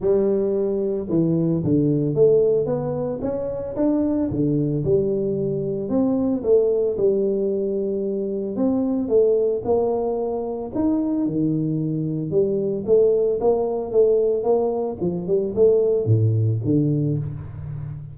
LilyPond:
\new Staff \with { instrumentName = "tuba" } { \time 4/4 \tempo 4 = 112 g2 e4 d4 | a4 b4 cis'4 d'4 | d4 g2 c'4 | a4 g2. |
c'4 a4 ais2 | dis'4 dis2 g4 | a4 ais4 a4 ais4 | f8 g8 a4 a,4 d4 | }